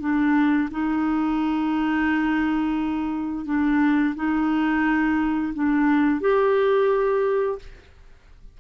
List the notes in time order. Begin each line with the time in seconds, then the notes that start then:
0.00 D4
0.71 D#4
3.45 D4
4.15 D#4
5.54 D4
6.20 G4